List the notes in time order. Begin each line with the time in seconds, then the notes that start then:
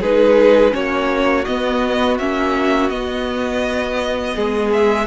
0.00 G#3 D#4 G#4 B4
0.71 A#3 C#4 F#4 C#5
1.45 B3 D#5
2.17 A#3 C#4 E5
2.89 B3 D#5
4.35 G#3 G#4
4.73 E5